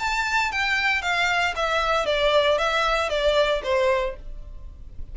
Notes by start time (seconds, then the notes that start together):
0.00 A5
0.52 G5
1.02 F5
1.57 E5
2.06 D5
2.58 E5
3.10 D5
3.64 C5